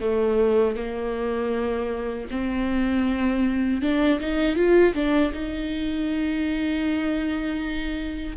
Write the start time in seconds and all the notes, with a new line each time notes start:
0.00 A3
0.76 A#3
2.30 C4
3.81 D4
4.20 D#4
4.56 F4
4.94 D4
5.33 D#4